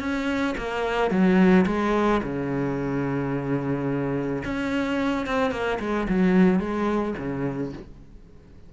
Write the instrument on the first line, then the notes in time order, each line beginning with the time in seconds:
cello
0.00 C#4
0.58 A#3
1.11 F#3
1.66 G#3
2.23 C#3
4.45 C#4
5.26 C4
5.52 A#3
5.80 G#3
6.09 F#3
6.60 G#3
7.18 C#3